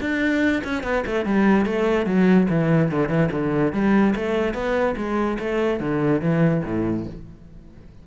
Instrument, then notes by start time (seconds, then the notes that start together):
cello
0.00 D4
0.64 C#4
0.83 B3
1.06 A3
1.25 G3
1.65 A3
2.06 F#3
2.49 E3
2.91 D3
3.09 E3
3.31 D3
3.73 G3
4.15 A3
4.54 B3
4.96 G#3
5.39 A3
5.80 D3
6.21 E3
6.65 A2